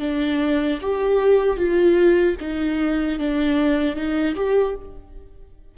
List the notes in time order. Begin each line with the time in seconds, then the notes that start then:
0.00 D4
0.81 G4
1.57 F4
2.40 D#4
3.19 D4
3.96 D#4
4.36 G4